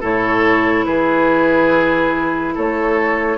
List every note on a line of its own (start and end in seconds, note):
0.00 0.86 A2
0.00 3.37 E4
0.00 0.85 A4
0.00 0.85 C#5
0.85 2.55 E3
0.85 2.54 G#4
0.85 2.54 B4
2.54 3.37 A3
2.54 3.37 A4
2.54 3.37 C#5